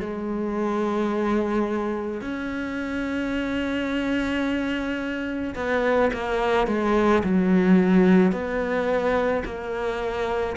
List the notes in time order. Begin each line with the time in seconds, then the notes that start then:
0.00 G#3
2.21 C#4
5.55 B3
6.13 A#3
6.67 G#3
7.24 F#3
8.32 B3
9.45 A#3